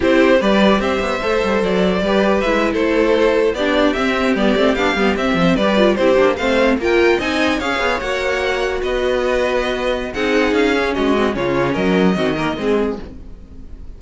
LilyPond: <<
  \new Staff \with { instrumentName = "violin" } { \time 4/4 \tempo 4 = 148 c''4 d''4 e''2 | d''2 e''8. c''4~ c''16~ | c''8. d''4 e''4 d''4 f''16~ | f''8. e''4 d''4 c''4 f''16~ |
f''8. g''4 gis''4 f''4 fis''16~ | fis''4.~ fis''16 dis''2~ dis''16~ | dis''4 fis''4 f''4 dis''4 | cis''4 dis''2. | }
  \new Staff \with { instrumentName = "violin" } { \time 4/4 g'4 b'4 c''2~ | c''4 b'4.~ b'16 a'4~ a'16~ | a'8. g'2.~ g'16~ | g'4~ g'16 c''8 b'4 g'4 c''16~ |
c''8. ais'4 dis''4 cis''4~ cis''16~ | cis''4.~ cis''16 b'2~ b'16~ | b'4 gis'2 fis'4 | f'4 ais'4 fis'8 ais'8 gis'4 | }
  \new Staff \with { instrumentName = "viola" } { \time 4/4 e'4 g'2 a'4~ | a'4 g'4 e'2~ | e'8. d'4 c'4 b8 c'8 d'16~ | d'16 b8 c'4 g'8 f'8 e'8 d'8 c'16~ |
c'8. f'4 dis'4 gis'4 fis'16~ | fis'1~ | fis'4 dis'4. cis'4 c'8 | cis'2 c'8 ais8 c'4 | }
  \new Staff \with { instrumentName = "cello" } { \time 4/4 c'4 g4 c'8 b8 a8 g8 | fis4 g4 gis8. a4~ a16~ | a8. b4 c'4 g8 a8 b16~ | b16 g8 c'8 f8 g4 c'8 ais8 a16~ |
a8. ais4 c'4 cis'8 b8 ais16~ | ais4.~ ais16 b2~ b16~ | b4 c'4 cis'4 gis4 | cis4 fis4 dis4 gis4 | }
>>